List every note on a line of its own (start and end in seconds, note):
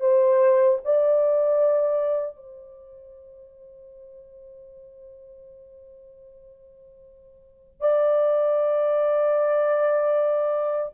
0.00 0.78 C5
0.84 2.36 D5
2.36 7.80 C5
7.80 10.92 D5